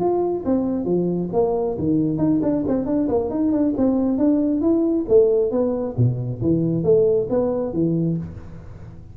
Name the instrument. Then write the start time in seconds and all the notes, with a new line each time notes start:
tuba
0.00 F4
0.46 C4
0.85 F3
1.33 A#3
1.78 D#3
2.18 D#4
2.42 D4
2.68 C4
2.86 D4
3.09 A#3
3.30 D#4
3.52 D4
3.77 C4
4.18 D4
4.61 E4
5.09 A3
5.52 B3
5.97 B2
6.42 E3
6.84 A3
7.30 B3
7.73 E3